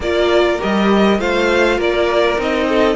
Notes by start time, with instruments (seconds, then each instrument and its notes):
0.00 cello A#3, viola F4, violin A#4 D5
0.58 cello G3, viola G4, violin D#5
1.19 cello A3, viola F4, violin C5 F5
1.78 cello A#3, violin A#4 D5
2.38 cello C4, viola D#4, violin D#5
2.68 violin A4